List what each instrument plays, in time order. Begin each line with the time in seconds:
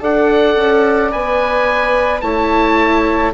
0.00 bassoon D4, viola A4, saxophone D5, oboe F#5
0.56 bassoon C#4
1.11 bassoon B3, viola B4, oboe G#5
2.20 bassoon A3, viola E4, saxophone C#5, oboe A5